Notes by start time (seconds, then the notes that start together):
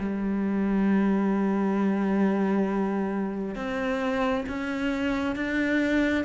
0.00 G3
3.56 C4
4.49 C#4
5.36 D4